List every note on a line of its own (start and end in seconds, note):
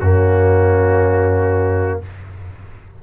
0.00 2.01 F#2
0.00 2.03 A#3
0.00 2.02 C#4
0.00 2.00 F#4